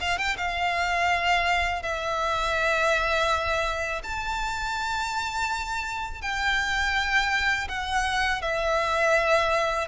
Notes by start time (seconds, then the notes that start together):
0.00 F5
0.18 G5
0.37 F5
1.82 E5
4.03 A5
6.21 G5
7.68 F#5
8.41 E5